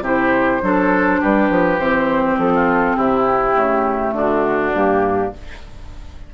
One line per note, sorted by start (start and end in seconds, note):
0.00 0.59 C3
0.00 0.61 E4
0.00 0.62 G4
0.00 1.23 C5
0.61 1.21 F#3
0.61 1.78 D4
0.61 1.20 A4
1.20 1.50 G3
1.20 2.53 G4
1.20 1.79 B4
1.50 1.78 F3
1.78 2.37 E3
1.78 3.54 C4
1.78 2.38 C5
2.37 2.96 F3
2.37 2.96 A4
2.54 2.96 F4
2.96 3.56 C3
2.96 4.14 E4
2.96 4.14 G4
3.54 4.12 C#3
3.54 4.72 A3
4.12 4.71 D3
4.12 5.34 D4
4.12 4.75 F#4
4.73 5.32 G2
4.73 5.32 A#3
4.73 5.34 G4